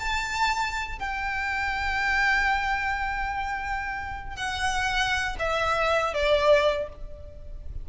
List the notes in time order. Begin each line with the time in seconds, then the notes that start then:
0.00 A5
1.00 G5
4.37 F#5
5.39 E5
6.14 D5